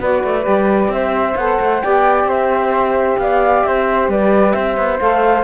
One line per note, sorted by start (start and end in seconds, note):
0.00 0.23 B3
0.00 0.41 F#4
0.00 0.91 B4
0.00 0.93 D5
0.23 0.46 A3
0.41 0.88 G3
0.41 1.32 G4
0.88 1.33 C4
0.88 1.84 C5
0.88 1.36 E5
1.35 1.58 B3
1.35 1.82 A4
1.35 1.81 F#5
1.59 1.82 A3
1.81 2.24 B3
1.81 4.99 G4
1.81 2.28 D5
1.81 2.26 G5
2.24 3.15 C4
2.24 3.19 C5
2.24 3.18 E5
3.17 3.63 B3
3.17 3.67 D5
3.17 3.63 F5
3.63 4.07 C4
3.63 4.10 C5
3.63 4.08 E5
4.07 4.53 G3
4.07 4.54 B4
4.07 4.52 D5
4.52 4.76 C4
4.52 5.43 C5
4.52 4.97 E5
4.76 4.99 B3
4.99 5.43 A3
4.99 5.43 A4
4.99 5.43 F5